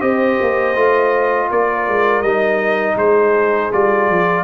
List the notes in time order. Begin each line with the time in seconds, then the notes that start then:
0.00 C4 G4 C5 D#5
0.41 A#3
0.76 A3 F4
1.50 A#3 A#4 D5
1.88 G#3
2.21 G3 D#4 D#5
2.95 G#3 G#4 C5
3.72 G3 F4 D5
4.09 F3